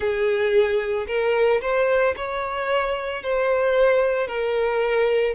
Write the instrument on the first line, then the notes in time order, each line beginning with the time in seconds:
violin
0.00 G#4
1.07 A#4
1.61 C5
2.16 C#5
3.22 C5
4.27 A#4